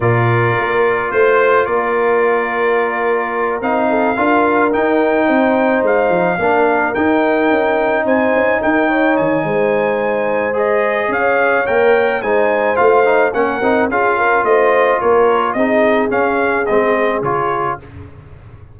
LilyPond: <<
  \new Staff \with { instrumentName = "trumpet" } { \time 4/4 \tempo 4 = 108 d''2 c''4 d''4~ | d''2~ d''8 f''4.~ | f''8 g''2 f''4.~ | f''8 g''2 gis''4 g''8~ |
g''8 gis''2~ gis''8 dis''4 | f''4 g''4 gis''4 f''4 | fis''4 f''4 dis''4 cis''4 | dis''4 f''4 dis''4 cis''4 | }
  \new Staff \with { instrumentName = "horn" } { \time 4/4 ais'2 c''4 ais'4~ | ais'2. a'8 ais'8~ | ais'4. c''2 ais'8~ | ais'2~ ais'8 c''4 ais'8 |
cis''4 c''2. | cis''2 c''2 | ais'4 gis'8 ais'8 c''4 ais'4 | gis'1 | }
  \new Staff \with { instrumentName = "trombone" } { \time 4/4 f'1~ | f'2~ f'8 dis'4 f'8~ | f'8 dis'2. d'8~ | d'8 dis'2.~ dis'8~ |
dis'2. gis'4~ | gis'4 ais'4 dis'4 f'8 dis'8 | cis'8 dis'8 f'2. | dis'4 cis'4 c'4 f'4 | }
  \new Staff \with { instrumentName = "tuba" } { \time 4/4 ais,4 ais4 a4 ais4~ | ais2~ ais8 c'4 d'8~ | d'8 dis'4 c'4 gis8 f8 ais8~ | ais8 dis'4 cis'4 c'8 cis'8 dis'8~ |
dis'8 dis8 gis2. | cis'4 ais4 gis4 a4 | ais8 c'8 cis'4 a4 ais4 | c'4 cis'4 gis4 cis4 | }
>>